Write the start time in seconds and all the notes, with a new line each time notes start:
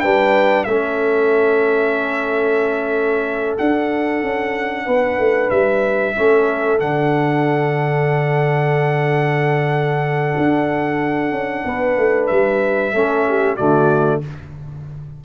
0.00 G3 D4 B4 G5
0.64 A3 C#4 A4 E5
3.58 D4 F#5
4.23 C#4
4.85 B3 B4
5.18 A3
5.50 G3 E5
6.16 A3 C#4 A4
6.79 D3 D4 F#5
10.37 D4
11.31 C#4
11.65 B3 B4
11.97 A3
12.27 G3 E5
12.93 A3 C#4 A4
13.28 G4
13.55 D3 A3 F#4 D5